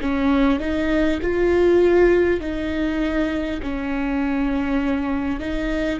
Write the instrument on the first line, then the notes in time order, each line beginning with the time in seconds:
viola
0.00 C#4
0.59 D#4
1.22 F4
2.40 D#4
3.62 C#4
5.39 D#4